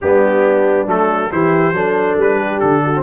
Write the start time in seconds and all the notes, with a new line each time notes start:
0.01 G3 B3 D4 G4
0.86 F#3 A3 A4
1.30 E3 E4 G4 C5
1.72 F#3 D4 A4
2.17 G3 B4
2.38 G4
2.59 D3 A4
2.84 F#4
2.94 C4